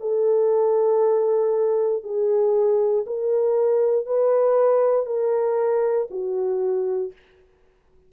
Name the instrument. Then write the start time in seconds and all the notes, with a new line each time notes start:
horn
0.00 A4
2.03 G#4
3.06 A#4
4.05 B4
5.06 A#4
6.10 F#4